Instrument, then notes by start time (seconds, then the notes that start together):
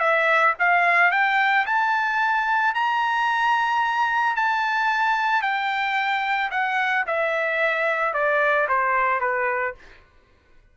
trumpet
0.00 E5
0.60 F5
1.12 G5
1.66 A5
2.75 A#5
4.36 A5
5.42 G5
6.51 F#5
7.07 E5
8.14 D5
8.69 C5
9.21 B4